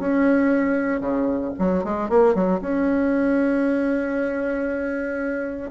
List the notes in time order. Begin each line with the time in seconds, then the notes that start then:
0.00 C#4
1.01 C#3
1.59 F#3
1.84 G#3
2.10 A#3
2.35 F#3
2.61 C#4